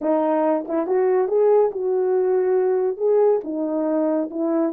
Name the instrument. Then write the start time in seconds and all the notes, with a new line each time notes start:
horn
0.01 D#4
0.68 E4
0.86 F#4
1.28 G#4
1.71 F#4
2.97 G#4
3.43 D#4
4.30 E4